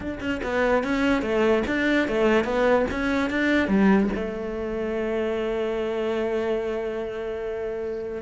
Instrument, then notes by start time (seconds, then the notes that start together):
cello
0.00 D4
0.20 C#4
0.43 B3
0.83 C#4
1.22 A3
1.66 D4
2.08 A3
2.44 B3
2.90 C#4
3.30 D4
3.68 G3
4.15 A3